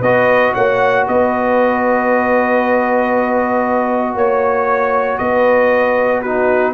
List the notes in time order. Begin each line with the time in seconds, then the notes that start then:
0.00 B3 F#4 B4 D#5
0.54 A#3 C#5 F#5
1.07 B3 B4 D#5
4.14 A#3 C#5
5.18 B3 B4 D#5
6.21 D#4 F#4 B4